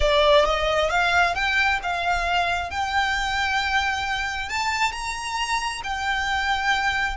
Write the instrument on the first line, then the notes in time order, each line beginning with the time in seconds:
violin
0.00 D5
0.45 D#5
0.90 F5
1.34 G5
1.82 F5
2.70 G5
4.49 A5
4.92 A#5
5.83 G5